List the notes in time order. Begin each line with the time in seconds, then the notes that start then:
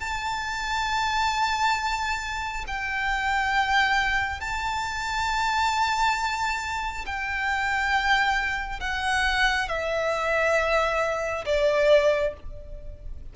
0.00 A5
2.67 G5
4.41 A5
7.06 G5
8.80 F#5
9.69 E5
11.46 D5